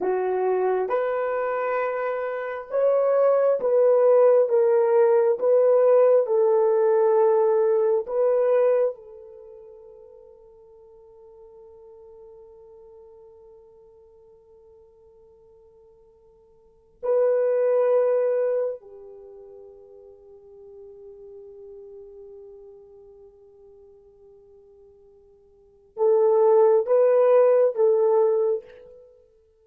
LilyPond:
\new Staff \with { instrumentName = "horn" } { \time 4/4 \tempo 4 = 67 fis'4 b'2 cis''4 | b'4 ais'4 b'4 a'4~ | a'4 b'4 a'2~ | a'1~ |
a'2. b'4~ | b'4 g'2.~ | g'1~ | g'4 a'4 b'4 a'4 | }